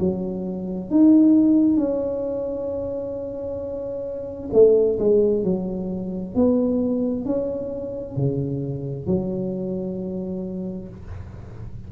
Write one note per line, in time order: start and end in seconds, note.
0.00 0.90 F#3
0.90 1.77 D#4
1.77 4.50 C#4
4.53 4.98 A3
4.99 5.44 G#3
5.44 6.35 F#3
6.35 7.25 B3
7.25 8.16 C#4
8.16 9.07 C#3
9.07 10.88 F#3